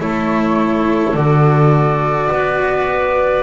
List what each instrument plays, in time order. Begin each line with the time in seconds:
0.00 double bass A3, cello E4, clarinet A4, flute C#5
1.14 double bass D3, cello F#4, flute D5
2.31 double bass B3, clarinet B4